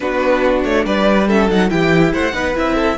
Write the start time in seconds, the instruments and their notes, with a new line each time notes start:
0.00 cello B3, viola D4, violin F#4 B4
0.64 cello A3, violin C#5
0.85 cello G3, violin B4 D5
1.27 viola C#4, violin A4 E5
1.48 cello F#3, viola D#4, violin F#5
1.68 cello E3, viola E4, violin G4 G5
2.12 cello A3, violin C5 F#5
2.33 cello B3, viola D#4, violin B4
2.54 cello C4, viola E4, violin E5
2.74 violin A4